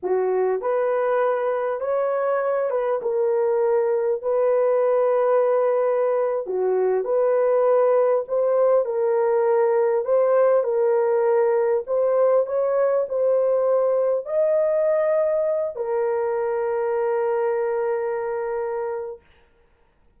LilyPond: \new Staff \with { instrumentName = "horn" } { \time 4/4 \tempo 4 = 100 fis'4 b'2 cis''4~ | cis''8 b'8 ais'2 b'4~ | b'2~ b'8. fis'4 b'16~ | b'4.~ b'16 c''4 ais'4~ ais'16~ |
ais'8. c''4 ais'2 c''16~ | c''8. cis''4 c''2 dis''16~ | dis''2~ dis''16 ais'4.~ ais'16~ | ais'1 | }